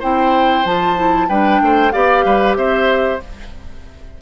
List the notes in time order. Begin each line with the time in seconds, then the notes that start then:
0.00 C4 E4 C5 G5
0.65 F3 F4 A5
0.97 E4
1.29 G3 D4 B4 G5
1.62 A3 C5
1.92 B3 G4 D5 F5
2.25 G3 B4
2.57 C4 C5 E5